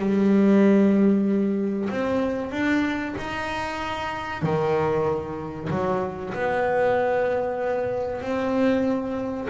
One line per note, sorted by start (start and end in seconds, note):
0.00 1.89 G3
1.90 2.52 C4
2.52 3.15 D4
3.18 4.43 D#4
4.43 5.69 D#3
5.71 6.34 F#3
6.34 8.22 B3
8.22 9.48 C4